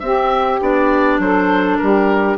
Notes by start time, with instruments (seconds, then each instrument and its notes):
0.00 bassoon C4, clarinet C4, saxophone G4, oboe E5
0.61 bassoon B3, clarinet D4, oboe D5
1.19 bassoon F#3, saxophone A4, oboe C5
1.78 bassoon G3, saxophone G4, oboe A#4